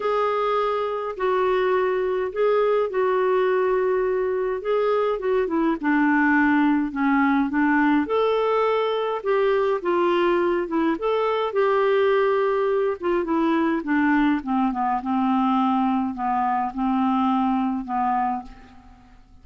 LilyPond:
\new Staff \with { instrumentName = "clarinet" } { \time 4/4 \tempo 4 = 104 gis'2 fis'2 | gis'4 fis'2. | gis'4 fis'8 e'8 d'2 | cis'4 d'4 a'2 |
g'4 f'4. e'8 a'4 | g'2~ g'8 f'8 e'4 | d'4 c'8 b8 c'2 | b4 c'2 b4 | }